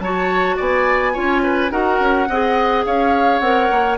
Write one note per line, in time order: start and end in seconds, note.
0.00 0.57 F#3
0.00 1.14 F#4
0.00 0.57 C#5
0.00 0.57 A5
0.57 1.17 B3
0.57 1.13 D5
0.57 1.71 G#5
1.14 1.71 C#4
1.14 1.71 F4
1.14 1.42 C#5
1.44 1.72 B4
1.71 2.00 D#4
1.71 2.27 F#4
1.71 2.29 A#4
1.71 2.84 F#5
2.00 2.28 C#4
2.29 2.86 C4
2.29 3.43 G#4
2.29 2.86 D#5
2.85 3.41 C#4
2.85 3.98 C#5
2.85 3.40 F5
3.40 3.69 C4
3.40 3.98 A#4
3.40 3.96 F#5
3.71 3.98 A#3